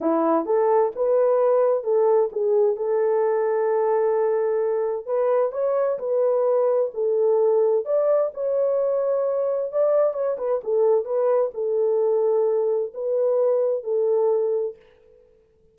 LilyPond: \new Staff \with { instrumentName = "horn" } { \time 4/4 \tempo 4 = 130 e'4 a'4 b'2 | a'4 gis'4 a'2~ | a'2. b'4 | cis''4 b'2 a'4~ |
a'4 d''4 cis''2~ | cis''4 d''4 cis''8 b'8 a'4 | b'4 a'2. | b'2 a'2 | }